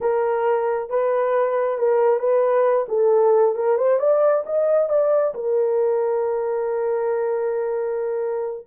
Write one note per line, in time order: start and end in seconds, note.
0.00 0.89 A#4
0.89 1.78 B4
1.78 2.19 A#4
2.19 2.86 B4
2.88 3.55 A4
3.55 3.77 A#4
3.77 3.99 C5
3.99 4.43 D5
4.46 4.89 D#5
4.89 5.33 D5
5.34 8.66 A#4